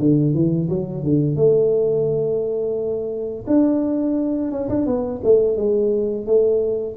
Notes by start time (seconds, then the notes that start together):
0.00 D3
0.34 E3
0.69 F#3
1.04 D3
1.36 A3
3.48 D4
4.52 C#4
4.70 D4
4.87 B3
5.24 A3
5.57 G#3
6.27 A3